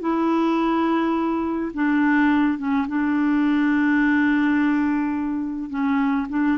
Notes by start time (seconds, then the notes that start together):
0.00 E4
1.73 D4
2.58 C#4
2.88 D4
5.69 C#4
6.29 D4